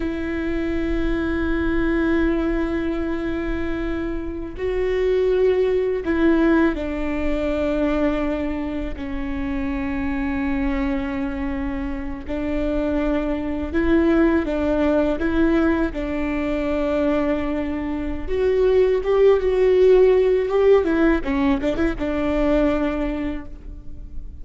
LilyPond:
\new Staff \with { instrumentName = "viola" } { \time 4/4 \tempo 4 = 82 e'1~ | e'2~ e'16 fis'4.~ fis'16~ | fis'16 e'4 d'2~ d'8.~ | d'16 cis'2.~ cis'8.~ |
cis'8. d'2 e'4 d'16~ | d'8. e'4 d'2~ d'16~ | d'4 fis'4 g'8 fis'4. | g'8 e'8 cis'8 d'16 e'16 d'2 | }